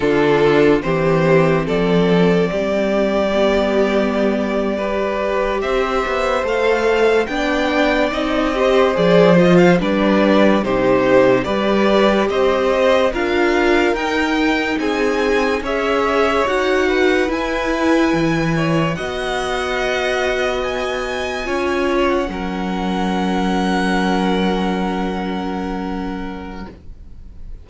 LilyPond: <<
  \new Staff \with { instrumentName = "violin" } { \time 4/4 \tempo 4 = 72 a'4 c''4 d''2~ | d''2~ d''8. e''4 f''16~ | f''8. g''4 dis''4 d''8 dis''16 f''16 d''16~ | d''8. c''4 d''4 dis''4 f''16~ |
f''8. g''4 gis''4 e''4 fis''16~ | fis''8. gis''2 fis''4~ fis''16~ | fis''8. gis''4.~ gis''16 fis''4.~ | fis''1 | }
  \new Staff \with { instrumentName = "violin" } { \time 4/4 f'4 g'4 a'4 g'4~ | g'4.~ g'16 b'4 c''4~ c''16~ | c''8. d''4. c''4. b'16~ | b'8. g'4 b'4 c''4 ais'16~ |
ais'4.~ ais'16 gis'4 cis''4~ cis''16~ | cis''16 b'2 cis''8 dis''4~ dis''16~ | dis''4.~ dis''16 cis''4 ais'4~ ais'16~ | ais'1 | }
  \new Staff \with { instrumentName = "viola" } { \time 4/4 d'4 c'2. | b4.~ b16 g'2 a'16~ | a'8. d'4 dis'8 g'8 gis'8 f'8 d'16~ | d'8. dis'4 g'2 f'16~ |
f'8. dis'2 gis'4 fis'16~ | fis'8. e'2 fis'4~ fis'16~ | fis'4.~ fis'16 f'4 cis'4~ cis'16~ | cis'1 | }
  \new Staff \with { instrumentName = "cello" } { \time 4/4 d4 e4 f4 g4~ | g2~ g8. c'8 b8 a16~ | a8. b4 c'4 f4 g16~ | g8. c4 g4 c'4 d'16~ |
d'8. dis'4 c'4 cis'4 dis'16~ | dis'8. e'4 e4 b4~ b16~ | b4.~ b16 cis'4 fis4~ fis16~ | fis1 | }
>>